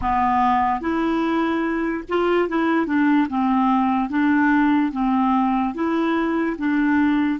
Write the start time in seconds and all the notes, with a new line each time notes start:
0.01 B3
0.80 E4
2.08 F4
2.48 E4
2.86 D4
3.29 C4
4.09 D4
4.92 C4
5.74 E4
6.58 D4